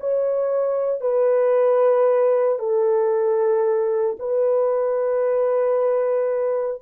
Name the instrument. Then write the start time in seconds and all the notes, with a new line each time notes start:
horn
0.00 C#5
1.00 B4
2.58 A4
4.19 B4